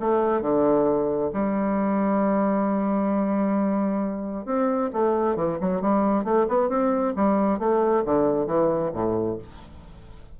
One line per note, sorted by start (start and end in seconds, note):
0.00 0.41 A3
0.41 1.30 D3
1.33 4.45 G3
4.45 4.90 C4
4.93 5.36 A3
5.36 5.58 E3
5.60 5.81 F#3
5.81 6.24 G3
6.24 6.46 A3
6.48 6.69 B3
6.69 7.13 C4
7.16 7.59 G3
7.59 8.04 A3
8.05 8.46 D3
8.46 8.91 E3
8.93 9.38 A2